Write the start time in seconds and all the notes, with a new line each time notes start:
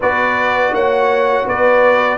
0.00 B3 F#4 B4 D5
0.72 A#3 C#5 F#5
1.45 B3 B4 D5